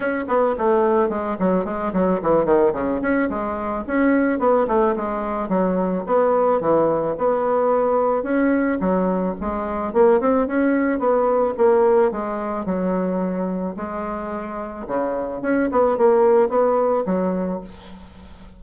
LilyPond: \new Staff \with { instrumentName = "bassoon" } { \time 4/4 \tempo 4 = 109 cis'8 b8 a4 gis8 fis8 gis8 fis8 | e8 dis8 cis8 cis'8 gis4 cis'4 | b8 a8 gis4 fis4 b4 | e4 b2 cis'4 |
fis4 gis4 ais8 c'8 cis'4 | b4 ais4 gis4 fis4~ | fis4 gis2 cis4 | cis'8 b8 ais4 b4 fis4 | }